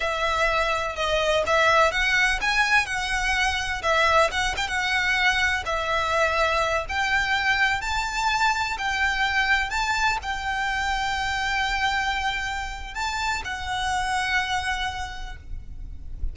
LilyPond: \new Staff \with { instrumentName = "violin" } { \time 4/4 \tempo 4 = 125 e''2 dis''4 e''4 | fis''4 gis''4 fis''2 | e''4 fis''8 g''16 fis''2 e''16~ | e''2~ e''16 g''4.~ g''16~ |
g''16 a''2 g''4.~ g''16~ | g''16 a''4 g''2~ g''8.~ | g''2. a''4 | fis''1 | }